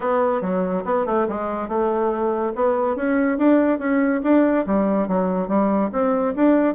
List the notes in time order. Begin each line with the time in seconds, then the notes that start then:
0.00 B3
0.41 F#3
0.85 B3
1.06 A3
1.28 G#3
1.68 A3
2.55 B3
2.96 C#4
3.37 D4
3.79 C#4
4.23 D4
4.66 G3
5.07 F#3
5.48 G3
5.92 C4
6.35 D4